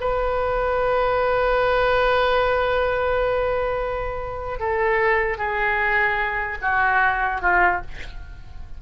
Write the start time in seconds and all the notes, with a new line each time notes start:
0.00 B4
4.59 A4
5.37 G#4
6.61 F#4
7.41 F4